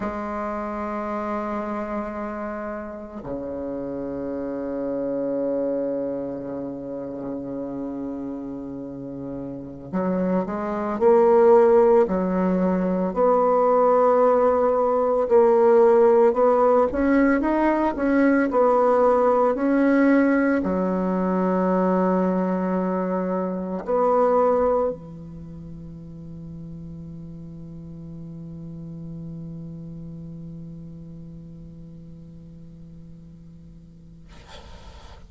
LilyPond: \new Staff \with { instrumentName = "bassoon" } { \time 4/4 \tempo 4 = 56 gis2. cis4~ | cis1~ | cis4~ cis16 fis8 gis8 ais4 fis8.~ | fis16 b2 ais4 b8 cis'16~ |
cis'16 dis'8 cis'8 b4 cis'4 fis8.~ | fis2~ fis16 b4 e8.~ | e1~ | e1 | }